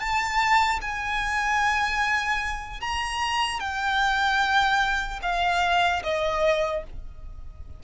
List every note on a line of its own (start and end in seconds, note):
0.00 0.80 A5
0.81 2.81 G#5
2.81 3.60 A#5
3.60 5.20 G5
5.23 6.03 F5
6.04 6.84 D#5